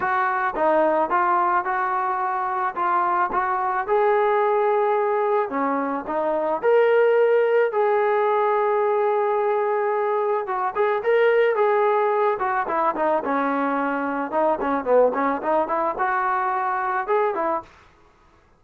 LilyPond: \new Staff \with { instrumentName = "trombone" } { \time 4/4 \tempo 4 = 109 fis'4 dis'4 f'4 fis'4~ | fis'4 f'4 fis'4 gis'4~ | gis'2 cis'4 dis'4 | ais'2 gis'2~ |
gis'2. fis'8 gis'8 | ais'4 gis'4. fis'8 e'8 dis'8 | cis'2 dis'8 cis'8 b8 cis'8 | dis'8 e'8 fis'2 gis'8 e'8 | }